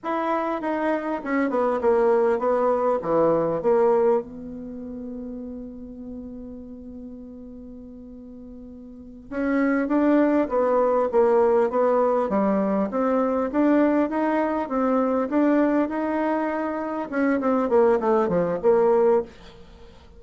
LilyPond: \new Staff \with { instrumentName = "bassoon" } { \time 4/4 \tempo 4 = 100 e'4 dis'4 cis'8 b8 ais4 | b4 e4 ais4 b4~ | b1~ | b2.~ b8 cis'8~ |
cis'8 d'4 b4 ais4 b8~ | b8 g4 c'4 d'4 dis'8~ | dis'8 c'4 d'4 dis'4.~ | dis'8 cis'8 c'8 ais8 a8 f8 ais4 | }